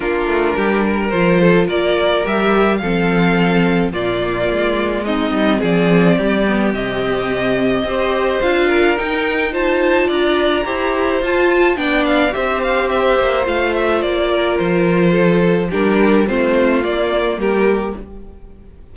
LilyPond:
<<
  \new Staff \with { instrumentName = "violin" } { \time 4/4 \tempo 4 = 107 ais'2 c''4 d''4 | e''4 f''2 d''4~ | d''4 dis''4 d''2 | dis''2. f''4 |
g''4 a''4 ais''2 | a''4 g''8 f''8 e''8 f''8 e''4 | f''8 e''8 d''4 c''2 | ais'4 c''4 d''4 ais'4 | }
  \new Staff \with { instrumentName = "violin" } { \time 4/4 f'4 g'8 ais'4 a'8 ais'4~ | ais'4 a'2 f'4~ | f'4 dis'4 gis'4 g'4~ | g'2 c''4. ais'8~ |
ais'4 c''4 d''4 c''4~ | c''4 d''4 c''2~ | c''4. ais'4. a'4 | g'4 f'2 g'4 | }
  \new Staff \with { instrumentName = "viola" } { \time 4/4 d'2 f'2 | g'4 c'2 ais4~ | ais4 c'2~ c'8 b8 | c'2 g'4 f'4 |
dis'4 f'2 g'4 | f'4 d'4 g'2 | f'1 | d'4 c'4 ais2 | }
  \new Staff \with { instrumentName = "cello" } { \time 4/4 ais8 a8 g4 f4 ais4 | g4 f2 ais,4 | gis4. g8 f4 g4 | c2 c'4 d'4 |
dis'2 d'4 e'4 | f'4 b4 c'4. ais8 | a4 ais4 f2 | g4 a4 ais4 g4 | }
>>